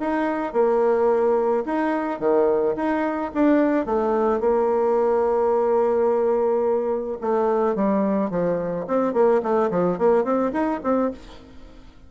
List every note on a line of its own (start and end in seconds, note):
0.00 0.53 D#4
0.53 1.64 A#3
1.66 2.20 D#4
2.20 2.76 D#3
2.76 3.32 D#4
3.35 3.86 D4
3.86 4.41 A3
4.41 7.18 A#3
7.21 7.76 A3
7.76 8.30 G3
8.30 8.86 F3
8.88 9.14 C4
9.14 9.42 A#3
9.43 9.71 A3
9.71 9.98 F3
9.98 10.24 A#3
10.24 10.52 C4
10.53 10.81 D#4
10.84 11.11 C4